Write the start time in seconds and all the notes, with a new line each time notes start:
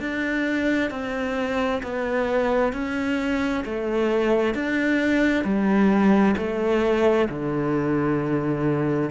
0.00 D4
0.90 C4
1.83 B3
2.73 C#4
3.65 A3
4.55 D4
5.44 G3
6.37 A3
7.29 D3